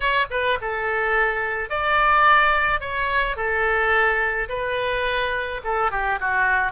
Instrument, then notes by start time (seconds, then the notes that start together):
oboe
0.00 C#5
0.30 B4
0.61 A4
1.69 D5
2.80 C#5
3.36 A4
4.49 B4
5.64 A4
5.91 G4
6.20 F#4